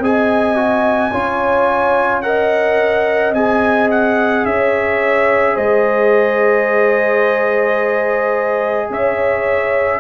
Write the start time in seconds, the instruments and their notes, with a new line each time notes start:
0.00 tuba C4, trombone G#4, horn D#5, trumpet G#5
0.56 trombone F#4
1.12 tuba C#4, trombone F4, horn C#5
2.22 trombone A#4, horn D#5, trumpet F#5
3.34 tuba C4, trombone G#4, trumpet G#5
3.91 trumpet F#5
4.46 tuba C#4, horn C#5, trumpet E5
5.55 tuba G#3, horn C5, trumpet D#5
8.90 tuba C#4, horn C#5, trumpet E5